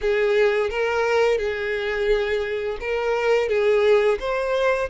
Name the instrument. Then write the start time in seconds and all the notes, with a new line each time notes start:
violin
0.01 G#4
0.70 A#4
1.38 G#4
2.80 A#4
3.49 G#4
4.19 C5